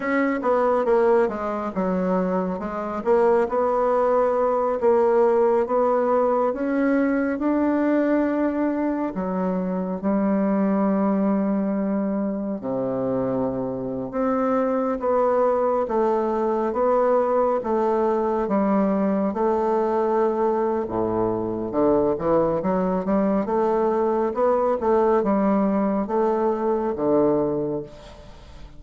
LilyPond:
\new Staff \with { instrumentName = "bassoon" } { \time 4/4 \tempo 4 = 69 cis'8 b8 ais8 gis8 fis4 gis8 ais8 | b4. ais4 b4 cis'8~ | cis'8 d'2 fis4 g8~ | g2~ g8 c4.~ |
c16 c'4 b4 a4 b8.~ | b16 a4 g4 a4.~ a16 | a,4 d8 e8 fis8 g8 a4 | b8 a8 g4 a4 d4 | }